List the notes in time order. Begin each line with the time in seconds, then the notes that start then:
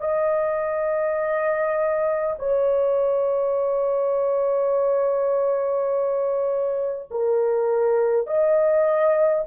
0.00 D#5
2.39 C#5
7.11 A#4
8.27 D#5